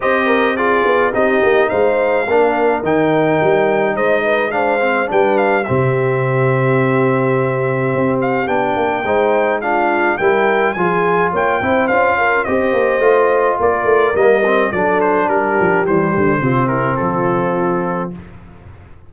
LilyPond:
<<
  \new Staff \with { instrumentName = "trumpet" } { \time 4/4 \tempo 4 = 106 dis''4 d''4 dis''4 f''4~ | f''4 g''2 dis''4 | f''4 g''8 f''8 e''2~ | e''2~ e''8 f''8 g''4~ |
g''4 f''4 g''4 gis''4 | g''4 f''4 dis''2 | d''4 dis''4 d''8 c''8 ais'4 | c''4. ais'8 a'2 | }
  \new Staff \with { instrumentName = "horn" } { \time 4/4 c''8 ais'8 gis'4 g'4 c''4 | ais'2. c''8 b'8 | c''4 b'4 g'2~ | g'1 |
c''4 f'4 ais'4 gis'4 | cis''8 c''4 ais'8 c''2 | ais'2 a'4 g'4~ | g'4 f'8 e'8 f'2 | }
  \new Staff \with { instrumentName = "trombone" } { \time 4/4 g'4 f'4 dis'2 | d'4 dis'2. | d'8 c'8 d'4 c'2~ | c'2. d'4 |
dis'4 d'4 e'4 f'4~ | f'8 e'8 f'4 g'4 f'4~ | f'4 ais8 c'8 d'2 | g4 c'2. | }
  \new Staff \with { instrumentName = "tuba" } { \time 4/4 c'4. b8 c'8 ais8 gis4 | ais4 dis4 g4 gis4~ | gis4 g4 c2~ | c2 c'4 b8 ais8 |
gis2 g4 f4 | ais8 c'8 cis'4 c'8 ais8 a4 | ais8 a8 g4 fis4 g8 f8 | e8 d8 c4 f2 | }
>>